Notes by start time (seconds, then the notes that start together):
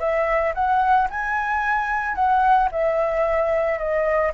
0.00 E5
0.55 F#5
1.10 G#5
2.16 F#5
2.72 E5
3.79 D#5